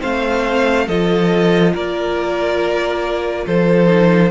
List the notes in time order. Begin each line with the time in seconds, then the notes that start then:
0.00 A3 C4 C5 F5
0.87 F3 F4 A4 D#5
1.74 A#3 A#4 D5
3.47 F3 A4 C5
3.86 D#4